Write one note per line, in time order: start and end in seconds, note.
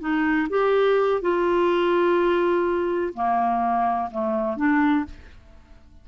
0.00 0.48 D#4
0.50 1.21 G4
1.21 3.13 F4
3.14 4.10 A#3
4.11 4.57 A3
4.57 5.05 D4